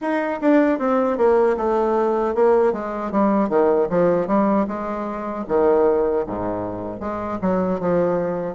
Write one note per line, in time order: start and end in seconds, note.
0.01 0.40 D#4
0.41 0.79 D4
0.79 1.17 C4
1.17 1.56 A#3
1.57 2.34 A3
2.34 2.73 A#3
2.73 3.11 G#3
3.11 3.49 G3
3.49 3.87 D#3
3.89 4.27 F3
4.27 4.66 G3
4.67 5.45 G#3
5.48 6.26 D#3
6.26 7.00 G#2
7.00 7.38 G#3
7.41 7.80 F#3
7.80 8.55 F3